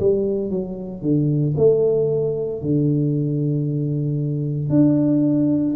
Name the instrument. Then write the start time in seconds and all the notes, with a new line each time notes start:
tuba
0.00 G3
0.51 F#3
1.02 D3
1.57 A3
2.62 D3
4.69 D4